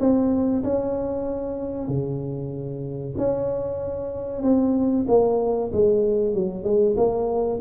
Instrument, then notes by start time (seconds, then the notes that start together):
tuba
0.00 C4
0.63 C#4
1.88 C#3
3.18 C#4
4.43 C4
5.08 A#3
5.72 G#3
6.34 F#3
6.64 G#3
6.97 A#3